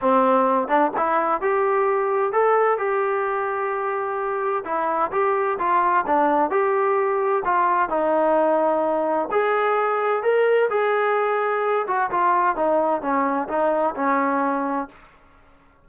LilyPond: \new Staff \with { instrumentName = "trombone" } { \time 4/4 \tempo 4 = 129 c'4. d'8 e'4 g'4~ | g'4 a'4 g'2~ | g'2 e'4 g'4 | f'4 d'4 g'2 |
f'4 dis'2. | gis'2 ais'4 gis'4~ | gis'4. fis'8 f'4 dis'4 | cis'4 dis'4 cis'2 | }